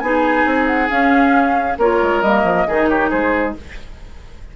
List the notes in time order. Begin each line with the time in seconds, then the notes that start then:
0.00 B3 D#4 G#4 G#5
0.45 C4
0.67 F#5
0.90 C#4 F5
1.78 A#3 F4 A#4 C#5
2.03 G#3
2.23 G3 A#3 D#5
2.44 F3
2.68 D#3 D#4 G#4
2.89 G4 C#5
3.10 G#3 G#4 C5